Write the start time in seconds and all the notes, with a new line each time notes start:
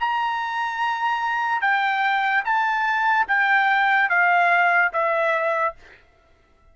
0.00 A#5
1.61 G5
2.45 A5
3.28 G5
4.09 F5
4.93 E5